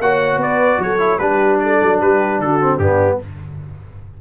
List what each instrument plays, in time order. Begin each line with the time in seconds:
0.00 tuba A#3, trombone F#4, horn C#5, trumpet F#5
0.37 tuba B3, horn B4, trumpet D5
0.79 tuba F#3, horn A4, trumpet C#5
0.99 trombone E4
1.19 tuba G3, trombone D4, horn G4, trumpet B4
1.59 horn A4, trumpet D5
1.83 tuba F#3
2.02 tuba G3, horn G4, trumpet B4
2.40 tuba D3, horn F#4, trumpet A4
2.61 trombone C4
2.79 tuba G2, trombone B3, horn D4, trumpet G4